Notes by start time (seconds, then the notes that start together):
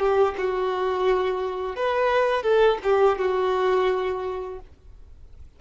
0.00 G4
0.38 F#4
1.76 B4
2.43 A4
2.83 G4
3.19 F#4